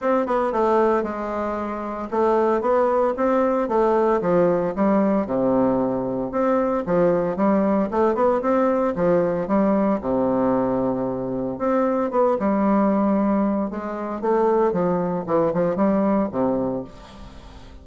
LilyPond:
\new Staff \with { instrumentName = "bassoon" } { \time 4/4 \tempo 4 = 114 c'8 b8 a4 gis2 | a4 b4 c'4 a4 | f4 g4 c2 | c'4 f4 g4 a8 b8 |
c'4 f4 g4 c4~ | c2 c'4 b8 g8~ | g2 gis4 a4 | f4 e8 f8 g4 c4 | }